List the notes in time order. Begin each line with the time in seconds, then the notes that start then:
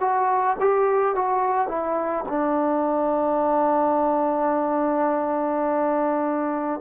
0.00 F#4
0.60 G4
1.15 F#4
1.68 E4
2.28 D4